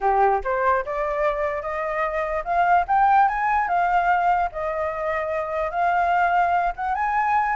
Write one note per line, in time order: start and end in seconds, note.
0.01 0.41 G4
0.44 0.84 C5
0.85 1.62 D5
1.62 2.43 D#5
2.44 2.85 F5
2.87 3.28 G5
3.28 3.67 G#5
3.67 4.49 F5
4.51 5.71 D#5
5.71 6.73 F5
6.76 6.94 F#5
6.94 7.56 G#5